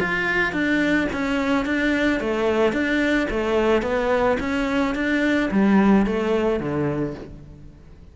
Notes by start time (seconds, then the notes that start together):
0.00 F4
0.53 D4
1.13 C#4
1.65 D4
2.20 A3
2.72 D4
3.30 A3
3.82 B3
4.40 C#4
4.95 D4
5.51 G3
6.06 A3
6.60 D3